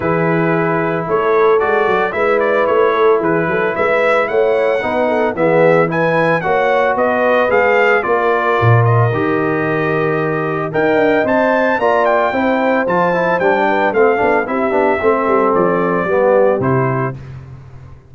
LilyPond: <<
  \new Staff \with { instrumentName = "trumpet" } { \time 4/4 \tempo 4 = 112 b'2 cis''4 d''4 | e''8 d''8 cis''4 b'4 e''4 | fis''2 e''4 gis''4 | fis''4 dis''4 f''4 d''4~ |
d''8 dis''2.~ dis''8 | g''4 a''4 ais''8 g''4. | a''4 g''4 f''4 e''4~ | e''4 d''2 c''4 | }
  \new Staff \with { instrumentName = "horn" } { \time 4/4 gis'2 a'2 | b'4. a'8 gis'8 a'8 b'4 | cis''4 b'8 a'8 gis'4 b'4 | cis''4 b'2 ais'4~ |
ais'1 | dis''2 d''4 c''4~ | c''4. b'8 a'4 g'4 | a'2 g'2 | }
  \new Staff \with { instrumentName = "trombone" } { \time 4/4 e'2. fis'4 | e'1~ | e'4 dis'4 b4 e'4 | fis'2 gis'4 f'4~ |
f'4 g'2. | ais'4 c''4 f'4 e'4 | f'8 e'8 d'4 c'8 d'8 e'8 d'8 | c'2 b4 e'4 | }
  \new Staff \with { instrumentName = "tuba" } { \time 4/4 e2 a4 gis8 fis8 | gis4 a4 e8 fis8 gis4 | a4 b4 e2 | ais4 b4 gis4 ais4 |
ais,4 dis2. | dis'8 d'8 c'4 ais4 c'4 | f4 g4 a8 b8 c'8 b8 | a8 g8 f4 g4 c4 | }
>>